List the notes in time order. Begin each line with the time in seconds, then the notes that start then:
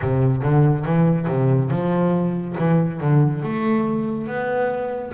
0.01 C3
0.42 D3
0.85 E3
1.27 C3
1.70 F3
2.58 E3
3.00 D3
3.42 A3
4.27 B3